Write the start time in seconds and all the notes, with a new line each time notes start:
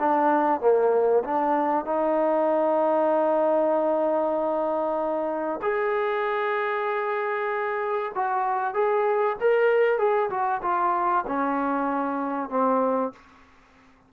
0.00 D4
0.61 A#3
1.24 D4
1.86 D#4
5.62 G#4
8.15 F#4
8.74 G#4
9.41 A#4
9.99 G#4
10.30 F#4
10.62 F4
11.28 C#4
12.50 C4